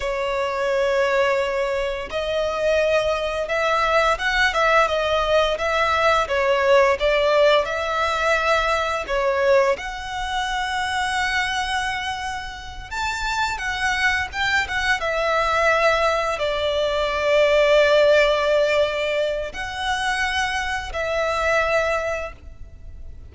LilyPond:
\new Staff \with { instrumentName = "violin" } { \time 4/4 \tempo 4 = 86 cis''2. dis''4~ | dis''4 e''4 fis''8 e''8 dis''4 | e''4 cis''4 d''4 e''4~ | e''4 cis''4 fis''2~ |
fis''2~ fis''8 a''4 fis''8~ | fis''8 g''8 fis''8 e''2 d''8~ | d''1 | fis''2 e''2 | }